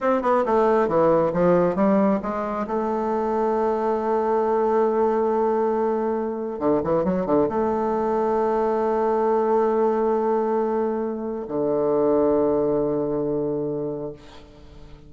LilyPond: \new Staff \with { instrumentName = "bassoon" } { \time 4/4 \tempo 4 = 136 c'8 b8 a4 e4 f4 | g4 gis4 a2~ | a1~ | a2. d8 e8 |
fis8 d8 a2.~ | a1~ | a2 d2~ | d1 | }